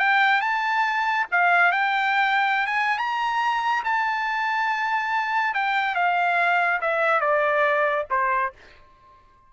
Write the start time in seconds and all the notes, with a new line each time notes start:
0.00 G5
0.42 A5
1.32 F5
1.72 G5
2.67 G#5
2.99 A#5
3.85 A5
5.55 G5
5.96 F5
6.82 E5
7.21 D5
8.11 C5